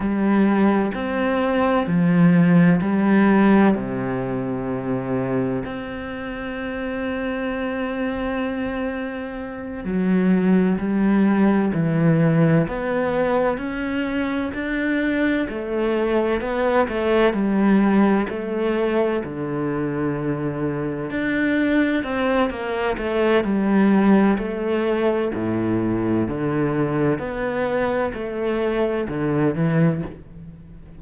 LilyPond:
\new Staff \with { instrumentName = "cello" } { \time 4/4 \tempo 4 = 64 g4 c'4 f4 g4 | c2 c'2~ | c'2~ c'8 fis4 g8~ | g8 e4 b4 cis'4 d'8~ |
d'8 a4 b8 a8 g4 a8~ | a8 d2 d'4 c'8 | ais8 a8 g4 a4 a,4 | d4 b4 a4 d8 e8 | }